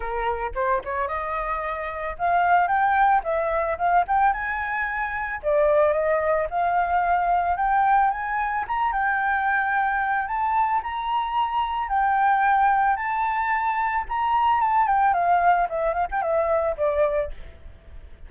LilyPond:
\new Staff \with { instrumentName = "flute" } { \time 4/4 \tempo 4 = 111 ais'4 c''8 cis''8 dis''2 | f''4 g''4 e''4 f''8 g''8 | gis''2 d''4 dis''4 | f''2 g''4 gis''4 |
ais''8 g''2~ g''8 a''4 | ais''2 g''2 | a''2 ais''4 a''8 g''8 | f''4 e''8 f''16 g''16 e''4 d''4 | }